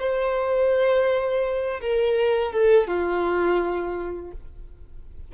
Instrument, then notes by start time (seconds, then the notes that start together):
violin
0.00 C5
1.81 A#4
2.52 A4
2.88 F4